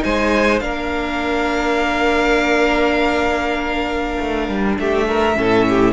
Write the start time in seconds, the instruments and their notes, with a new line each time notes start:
0.00 cello G#3, viola D#4, violin C5 G#5
0.60 cello A#3, viola D4, violin A#4 F5
4.19 cello A3
4.49 cello G3
4.79 cello A3, violin G4 E5
5.08 violin A#4
5.35 cello A2, viola C#4, violin A4
5.69 violin G4